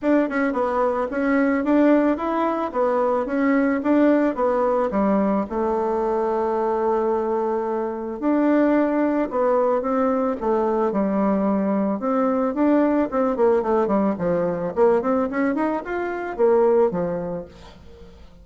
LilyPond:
\new Staff \with { instrumentName = "bassoon" } { \time 4/4 \tempo 4 = 110 d'8 cis'8 b4 cis'4 d'4 | e'4 b4 cis'4 d'4 | b4 g4 a2~ | a2. d'4~ |
d'4 b4 c'4 a4 | g2 c'4 d'4 | c'8 ais8 a8 g8 f4 ais8 c'8 | cis'8 dis'8 f'4 ais4 f4 | }